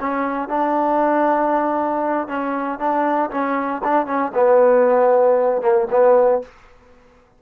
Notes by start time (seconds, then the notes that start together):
0.00 C#4
0.48 D4
2.28 C#4
2.79 D4
3.31 C#4
3.84 D4
4.06 C#4
4.34 B3
5.62 A#3
5.91 B3